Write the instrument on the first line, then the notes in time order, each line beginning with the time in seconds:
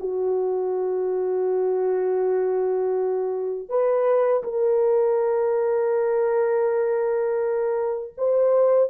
horn
0.00 F#4
3.69 B4
4.44 A#4
8.18 C5